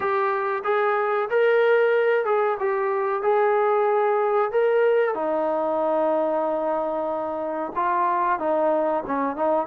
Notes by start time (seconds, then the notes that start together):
0.00 G4
0.64 G#4
1.29 A#4
2.25 G#4
2.59 G4
3.22 G#4
4.51 A#4
5.14 D#4
7.75 F4
8.39 D#4
9.06 C#4
9.35 D#4